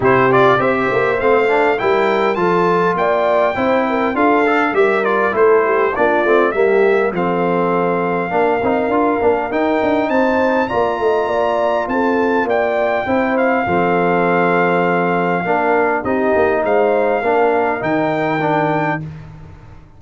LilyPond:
<<
  \new Staff \with { instrumentName = "trumpet" } { \time 4/4 \tempo 4 = 101 c''8 d''8 e''4 f''4 g''4 | a''4 g''2 f''4 | e''8 d''8 c''4 d''4 e''4 | f''1 |
g''4 a''4 ais''2 | a''4 g''4. f''4.~ | f''2. dis''4 | f''2 g''2 | }
  \new Staff \with { instrumentName = "horn" } { \time 4/4 g'4 c''2 ais'4 | a'4 d''4 c''8 ais'8 a'4 | ais'4 a'8 g'8 f'4 g'4 | a'2 ais'2~ |
ais'4 c''4 d''8 dis''8 d''4 | a'4 d''4 c''4 a'4~ | a'2 ais'4 g'4 | c''4 ais'2. | }
  \new Staff \with { instrumentName = "trombone" } { \time 4/4 e'8 f'8 g'4 c'8 d'8 e'4 | f'2 e'4 f'8 a'8 | g'8 f'8 e'4 d'8 c'8 ais4 | c'2 d'8 dis'8 f'8 d'8 |
dis'2 f'2~ | f'2 e'4 c'4~ | c'2 d'4 dis'4~ | dis'4 d'4 dis'4 d'4 | }
  \new Staff \with { instrumentName = "tuba" } { \time 4/4 c4 c'8 ais8 a4 g4 | f4 ais4 c'4 d'4 | g4 a4 ais8 a8 g4 | f2 ais8 c'8 d'8 ais8 |
dis'8 d'8 c'4 ais8 a8 ais4 | c'4 ais4 c'4 f4~ | f2 ais4 c'8 ais8 | gis4 ais4 dis2 | }
>>